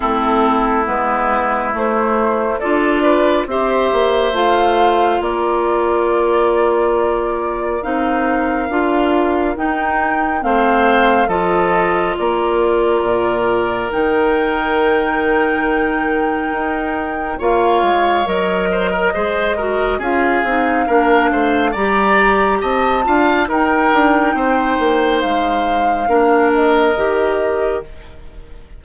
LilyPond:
<<
  \new Staff \with { instrumentName = "flute" } { \time 4/4 \tempo 4 = 69 a'4 b'4 c''4 d''4 | e''4 f''4 d''2~ | d''4 f''2 g''4 | f''4 dis''4 d''2 |
g''1 | f''4 dis''2 f''4~ | f''4 ais''4 a''4 g''4~ | g''4 f''4. dis''4. | }
  \new Staff \with { instrumentName = "oboe" } { \time 4/4 e'2. a'8 b'8 | c''2 ais'2~ | ais'1 | c''4 a'4 ais'2~ |
ais'1 | cis''4. c''16 ais'16 c''8 ais'8 gis'4 | ais'8 c''8 d''4 dis''8 f''8 ais'4 | c''2 ais'2 | }
  \new Staff \with { instrumentName = "clarinet" } { \time 4/4 c'4 b4 a4 f'4 | g'4 f'2.~ | f'4 dis'4 f'4 dis'4 | c'4 f'2. |
dis'1 | f'4 ais'4 gis'8 fis'8 f'8 dis'8 | d'4 g'4. f'8 dis'4~ | dis'2 d'4 g'4 | }
  \new Staff \with { instrumentName = "bassoon" } { \time 4/4 a4 gis4 a4 d'4 | c'8 ais8 a4 ais2~ | ais4 c'4 d'4 dis'4 | a4 f4 ais4 ais,4 |
dis2. dis'4 | ais8 gis8 fis4 gis4 cis'8 c'8 | ais8 a8 g4 c'8 d'8 dis'8 d'8 | c'8 ais8 gis4 ais4 dis4 | }
>>